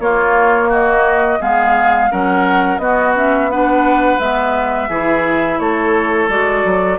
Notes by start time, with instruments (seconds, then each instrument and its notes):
0.00 bassoon A#3, clarinet A#3, oboe F4, flute C#5
0.69 oboe F#4, flute D#5
1.41 bassoon G#3, clarinet B3, oboe G#4, flute F5
2.11 bassoon F#3, clarinet C#4, oboe A#4, flute F#5
2.78 bassoon B3, clarinet B3, oboe F#4, flute D#5
3.16 clarinet C#4, flute E5
3.51 clarinet D4, oboe B4, flute F#5
4.20 bassoon G#3, clarinet B3, flute E5
4.89 bassoon E3, clarinet E4, oboe G#4
5.60 bassoon A3, oboe A4, flute C#5
6.29 bassoon G#3, clarinet F#4, flute D5
6.65 bassoon F#3